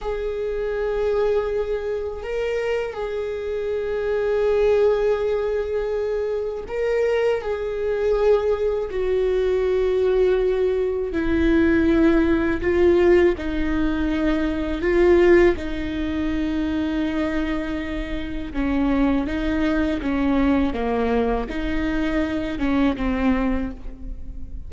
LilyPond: \new Staff \with { instrumentName = "viola" } { \time 4/4 \tempo 4 = 81 gis'2. ais'4 | gis'1~ | gis'4 ais'4 gis'2 | fis'2. e'4~ |
e'4 f'4 dis'2 | f'4 dis'2.~ | dis'4 cis'4 dis'4 cis'4 | ais4 dis'4. cis'8 c'4 | }